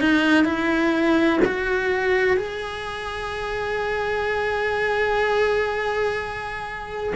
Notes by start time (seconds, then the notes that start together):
0.00 D#4
0.45 E4
1.45 F#4
2.37 G#4